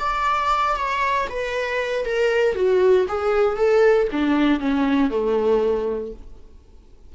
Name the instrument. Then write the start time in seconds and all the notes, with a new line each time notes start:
viola
0.00 D5
0.77 C#5
1.30 B4
2.06 A#4
2.55 F#4
3.09 G#4
3.57 A4
4.12 D4
4.60 C#4
5.10 A3